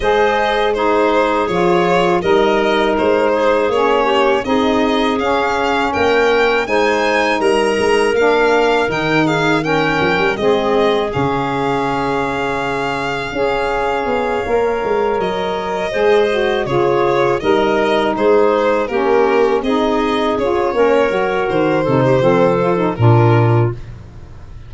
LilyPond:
<<
  \new Staff \with { instrumentName = "violin" } { \time 4/4 \tempo 4 = 81 dis''4 c''4 cis''4 dis''4 | c''4 cis''4 dis''4 f''4 | g''4 gis''4 ais''4 f''4 | g''8 f''8 g''4 dis''4 f''4~ |
f''1~ | f''8 dis''2 cis''4 dis''8~ | dis''8 c''4 ais'4 dis''4 cis''8~ | cis''4 c''2 ais'4 | }
  \new Staff \with { instrumentName = "clarinet" } { \time 4/4 c''4 gis'2 ais'4~ | ais'8 gis'4 g'8 gis'2 | ais'4 c''4 ais'2~ | ais'8 gis'8 ais'4 gis'2~ |
gis'2 cis''2~ | cis''4. c''4 gis'4 ais'8~ | ais'8 gis'4 g'4 gis'4. | ais'4. a'16 g'16 a'4 f'4 | }
  \new Staff \with { instrumentName = "saxophone" } { \time 4/4 gis'4 dis'4 f'4 dis'4~ | dis'4 cis'4 dis'4 cis'4~ | cis'4 dis'2 d'4 | dis'4 cis'4 c'4 cis'4~ |
cis'2 gis'4. ais'8~ | ais'4. gis'8 fis'8 f'4 dis'8~ | dis'4. cis'4 dis'4 f'8 | cis'8 fis'4 dis'8 c'8 f'16 dis'16 d'4 | }
  \new Staff \with { instrumentName = "tuba" } { \time 4/4 gis2 f4 g4 | gis4 ais4 c'4 cis'4 | ais4 gis4 g8 gis8 ais4 | dis4. f16 g16 gis4 cis4~ |
cis2 cis'4 b8 ais8 | gis8 fis4 gis4 cis4 g8~ | g8 gis4 ais4 c'4 cis'8 | ais8 fis8 dis8 c8 f4 ais,4 | }
>>